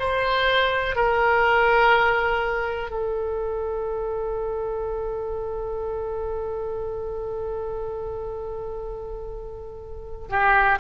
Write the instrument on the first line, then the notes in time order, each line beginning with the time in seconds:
oboe
0.00 C5
0.96 A#4
2.91 A4
10.29 G4